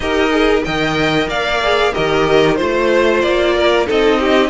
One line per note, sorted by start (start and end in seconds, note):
0.00 0.63 D#4
0.00 0.30 G4
0.00 0.65 A#4
0.00 0.62 D#5
0.30 0.62 G#4
0.63 1.27 D#3
0.63 1.63 A#4
0.63 1.29 D#5
0.63 1.28 G5
1.27 1.92 A#3
1.27 1.92 D5
1.27 1.93 F5
1.63 1.92 G#4
1.92 2.60 D#3
1.92 2.57 G4
1.92 2.57 A#4
1.92 2.55 D#5
2.55 3.23 A3
2.55 3.86 F4
2.55 3.20 C5
2.55 3.54 C5
3.21 3.88 A#3
3.21 3.86 D5
3.55 3.86 A#4
3.86 4.50 C4
3.86 4.50 D#4
3.86 4.19 A4
3.86 4.50 D#5
4.19 4.50 G4